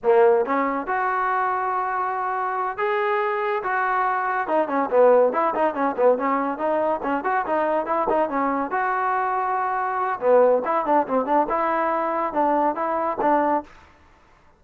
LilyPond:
\new Staff \with { instrumentName = "trombone" } { \time 4/4 \tempo 4 = 141 ais4 cis'4 fis'2~ | fis'2~ fis'8 gis'4.~ | gis'8 fis'2 dis'8 cis'8 b8~ | b8 e'8 dis'8 cis'8 b8 cis'4 dis'8~ |
dis'8 cis'8 fis'8 dis'4 e'8 dis'8 cis'8~ | cis'8 fis'2.~ fis'8 | b4 e'8 d'8 c'8 d'8 e'4~ | e'4 d'4 e'4 d'4 | }